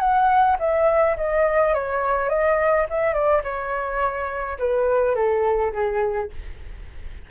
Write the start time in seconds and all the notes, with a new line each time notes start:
0.00 F#5
0.59 E5
1.17 D#5
1.74 C#5
2.30 D#5
2.90 E5
3.14 D5
3.44 C#5
4.59 B4
5.16 A4
5.73 G#4